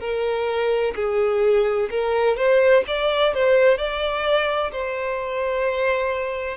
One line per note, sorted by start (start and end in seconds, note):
0.00 0.94 A#4
0.95 1.89 G#4
1.90 2.37 A#4
2.37 2.83 C5
2.87 3.34 D5
3.34 3.78 C5
3.78 4.71 D5
4.72 6.57 C5